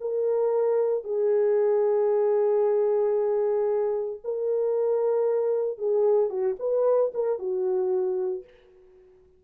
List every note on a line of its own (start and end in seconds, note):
0.00 1.04 A#4
1.04 4.20 G#4
4.24 5.78 A#4
5.78 6.29 G#4
6.29 6.56 F#4
6.59 7.12 B4
7.14 7.38 A#4
7.38 8.44 F#4